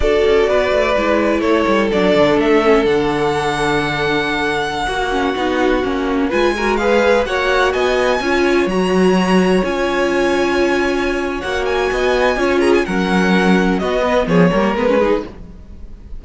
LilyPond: <<
  \new Staff \with { instrumentName = "violin" } { \time 4/4 \tempo 4 = 126 d''2. cis''4 | d''4 e''4 fis''2~ | fis''1~ | fis''4~ fis''16 gis''4 f''4 fis''8.~ |
fis''16 gis''2 ais''4.~ ais''16~ | ais''16 gis''2.~ gis''8. | fis''8 gis''2 ais''16 gis''16 fis''4~ | fis''4 dis''4 cis''4 b'4 | }
  \new Staff \with { instrumentName = "violin" } { \time 4/4 a'4 b'2 a'4~ | a'1~ | a'2~ a'16 fis'4.~ fis'16~ | fis'4~ fis'16 b'8 ais'8 b'4 cis''8.~ |
cis''16 dis''4 cis''2~ cis''8.~ | cis''1~ | cis''4 dis''4 cis''8 gis'8 ais'4~ | ais'4 fis'8 b'8 gis'8 ais'4 gis'8 | }
  \new Staff \with { instrumentName = "viola" } { \time 4/4 fis'2 e'2 | d'4. cis'8 d'2~ | d'2~ d'16 fis'8 cis'8 dis'8.~ | dis'16 cis'4 f'8 fis'8 gis'4 fis'8.~ |
fis'4~ fis'16 f'4 fis'4.~ fis'16~ | fis'16 f'2.~ f'8. | fis'2 f'4 cis'4~ | cis'4 b4. ais8 b16 cis'16 dis'8 | }
  \new Staff \with { instrumentName = "cello" } { \time 4/4 d'8 cis'8 b8 a8 gis4 a8 g8 | fis8 d8 a4 d2~ | d2~ d16 ais4 b8.~ | b16 ais4 gis2 ais8.~ |
ais16 b4 cis'4 fis4.~ fis16~ | fis16 cis'2.~ cis'8. | ais4 b4 cis'4 fis4~ | fis4 b4 f8 g8 gis4 | }
>>